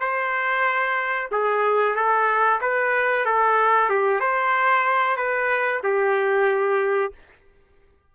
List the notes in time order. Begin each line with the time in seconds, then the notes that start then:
0.00 C5
1.31 G#4
1.95 A4
2.61 B4
3.25 A4
3.89 G4
4.20 C5
5.16 B4
5.83 G4